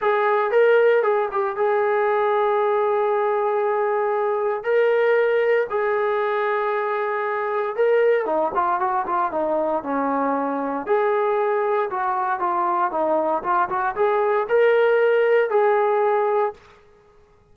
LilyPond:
\new Staff \with { instrumentName = "trombone" } { \time 4/4 \tempo 4 = 116 gis'4 ais'4 gis'8 g'8 gis'4~ | gis'1~ | gis'4 ais'2 gis'4~ | gis'2. ais'4 |
dis'8 f'8 fis'8 f'8 dis'4 cis'4~ | cis'4 gis'2 fis'4 | f'4 dis'4 f'8 fis'8 gis'4 | ais'2 gis'2 | }